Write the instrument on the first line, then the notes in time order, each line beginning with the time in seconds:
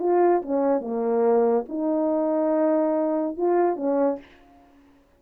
horn
0.00 F4
0.43 C#4
0.81 A#3
1.69 D#4
3.38 F4
3.77 C#4